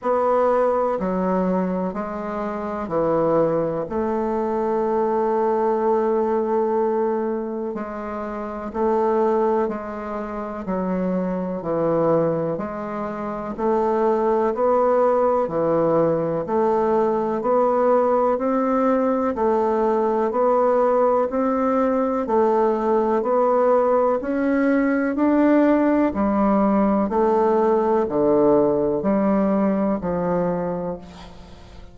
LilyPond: \new Staff \with { instrumentName = "bassoon" } { \time 4/4 \tempo 4 = 62 b4 fis4 gis4 e4 | a1 | gis4 a4 gis4 fis4 | e4 gis4 a4 b4 |
e4 a4 b4 c'4 | a4 b4 c'4 a4 | b4 cis'4 d'4 g4 | a4 d4 g4 f4 | }